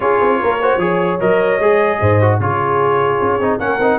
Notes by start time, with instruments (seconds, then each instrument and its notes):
0.00 tuba C#4, trombone F4, horn G#4, trumpet C#5
0.21 tuba C4
0.42 tuba A#3, horn A#4
0.61 trombone F#4, horn C5
0.77 tuba F3, trombone G#4, horn C#5
1.20 tuba F#3, trombone A#4, trumpet D#5
1.59 tuba G#3, trombone G#4
2.00 tuba G#2, horn C5
2.21 trombone F#4
2.40 tuba C#3, trombone F4, horn G#4, trumpet C#5
3.21 tuba C#4
3.39 tuba C4, trombone D#4
3.59 tuba A#3, trombone C#4, horn A#4, trumpet F#5
3.78 tuba C4, trombone D#4